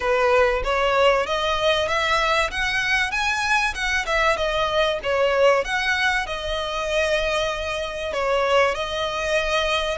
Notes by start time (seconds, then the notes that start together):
0.00 B4
0.64 C#5
1.26 D#5
1.88 E5
2.50 F#5
3.11 G#5
3.74 F#5
4.05 E5
4.36 D#5
5.03 C#5
5.64 F#5
6.26 D#5
8.13 C#5
8.74 D#5